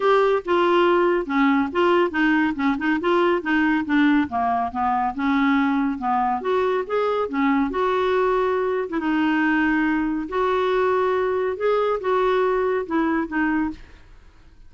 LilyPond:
\new Staff \with { instrumentName = "clarinet" } { \time 4/4 \tempo 4 = 140 g'4 f'2 cis'4 | f'4 dis'4 cis'8 dis'8 f'4 | dis'4 d'4 ais4 b4 | cis'2 b4 fis'4 |
gis'4 cis'4 fis'2~ | fis'8. e'16 dis'2. | fis'2. gis'4 | fis'2 e'4 dis'4 | }